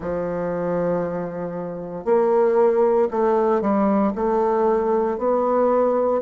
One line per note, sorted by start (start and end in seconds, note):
0.00 2.05 F3
2.05 3.08 A#3
3.10 3.61 A3
3.61 4.12 G3
4.15 5.18 A3
5.18 6.21 B3